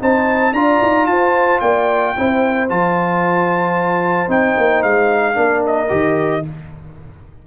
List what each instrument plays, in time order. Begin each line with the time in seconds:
0.00 tuba C4, trombone D#4, horn C5, trumpet A5
0.53 tuba D4, trombone F4, horn D5, trumpet A#5
0.82 tuba D#4
1.06 tuba F4, horn C5, trumpet A5
1.60 tuba A#3, horn D5, trumpet G5
2.17 tuba C4, trombone E4, horn C5
2.69 tuba F3, trombone F4, trumpet A5
4.28 tuba C4, trombone D#4, trumpet G5
4.58 tuba A#3
4.83 tuba G#3, trumpet F5
5.34 tuba A#3, trombone D4, horn A#4
5.67 trumpet D#5
5.89 tuba D#3, trombone G4